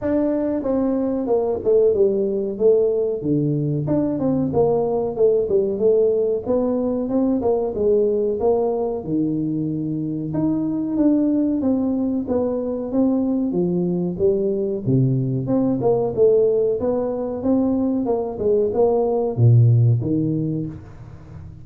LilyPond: \new Staff \with { instrumentName = "tuba" } { \time 4/4 \tempo 4 = 93 d'4 c'4 ais8 a8 g4 | a4 d4 d'8 c'8 ais4 | a8 g8 a4 b4 c'8 ais8 | gis4 ais4 dis2 |
dis'4 d'4 c'4 b4 | c'4 f4 g4 c4 | c'8 ais8 a4 b4 c'4 | ais8 gis8 ais4 ais,4 dis4 | }